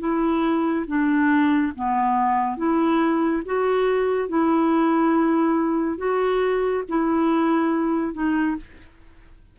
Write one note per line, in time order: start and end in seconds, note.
0.00 0.86 E4
0.87 1.73 D4
1.76 2.58 B3
2.58 3.43 E4
3.46 4.29 F#4
4.29 5.98 E4
5.98 6.84 F#4
6.89 8.14 E4
8.14 8.57 D#4